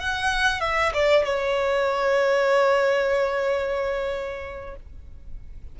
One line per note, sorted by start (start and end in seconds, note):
0.00 0.61 F#5
0.61 0.93 E5
0.93 1.25 D5
1.25 4.76 C#5